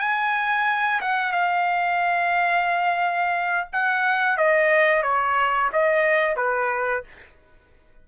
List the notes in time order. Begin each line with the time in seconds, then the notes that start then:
0.00 G#5
1.01 F#5
1.33 F5
3.73 F#5
4.38 D#5
5.03 C#5
5.73 D#5
6.37 B4